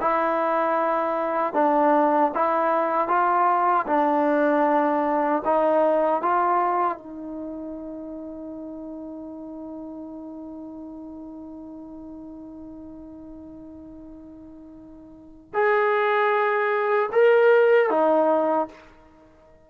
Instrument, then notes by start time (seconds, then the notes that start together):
trombone
0.00 E4
1.53 D4
2.34 E4
3.08 F4
3.86 D4
5.45 D#4
6.22 F4
6.97 D#4
15.53 G#4
17.12 A#4
17.90 D#4